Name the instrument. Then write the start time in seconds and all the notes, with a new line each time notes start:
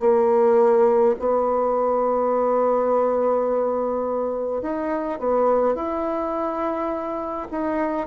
bassoon
0.00 A#3
1.20 B3
4.62 D#4
5.20 B3
5.75 E4
7.51 D#4